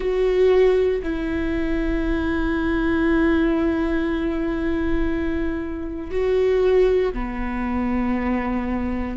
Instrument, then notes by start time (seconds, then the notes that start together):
viola
0.00 F#4
1.03 E4
6.11 F#4
7.13 B3